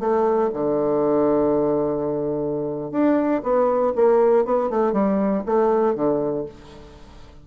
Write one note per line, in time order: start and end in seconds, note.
0.00 0.50 A3
0.54 2.92 D3
2.92 3.42 D4
3.43 3.94 B3
3.96 4.45 A#3
4.45 4.70 B3
4.70 4.93 A3
4.93 5.43 G3
5.46 5.95 A3
5.95 6.46 D3